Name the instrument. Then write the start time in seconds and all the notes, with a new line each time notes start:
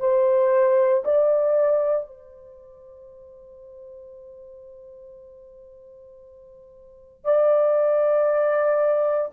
horn
0.00 C5
1.04 D5
2.07 C5
7.25 D5